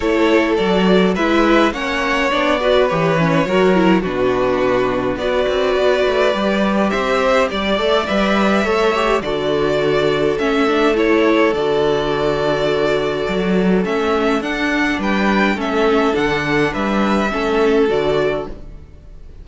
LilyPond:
<<
  \new Staff \with { instrumentName = "violin" } { \time 4/4 \tempo 4 = 104 cis''4 d''4 e''4 fis''4 | d''4 cis''2 b'4~ | b'4 d''2. | e''4 d''4 e''2 |
d''2 e''4 cis''4 | d''1 | e''4 fis''4 g''4 e''4 | fis''4 e''2 d''4 | }
  \new Staff \with { instrumentName = "violin" } { \time 4/4 a'2 b'4 cis''4~ | cis''8 b'4. ais'4 fis'4~ | fis'4 b'2. | c''4 d''2 cis''4 |
a'1~ | a'1~ | a'2 b'4 a'4~ | a'4 b'4 a'2 | }
  \new Staff \with { instrumentName = "viola" } { \time 4/4 e'4 fis'4 e'4 cis'4 | d'8 fis'8 g'8 cis'8 fis'8 e'8 d'4~ | d'4 fis'2 g'4~ | g'4. a'8 b'4 a'8 g'8 |
fis'2 cis'8 d'8 e'4 | fis'1 | cis'4 d'2 cis'4 | d'2 cis'4 fis'4 | }
  \new Staff \with { instrumentName = "cello" } { \time 4/4 a4 fis4 gis4 ais4 | b4 e4 fis4 b,4~ | b,4 b8 c'8 b8 a8 g4 | c'4 g8 a8 g4 a4 |
d2 a2 | d2. fis4 | a4 d'4 g4 a4 | d4 g4 a4 d4 | }
>>